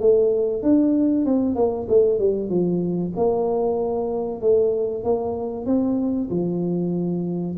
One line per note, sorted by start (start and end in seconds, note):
0.00 0.62 A3
0.62 1.25 D4
1.25 1.55 C4
1.55 1.87 A#3
1.88 2.19 A3
2.19 2.49 G3
2.49 3.12 F3
3.16 4.41 A#3
4.41 5.04 A3
5.04 5.65 A#3
5.65 6.28 C4
6.30 7.56 F3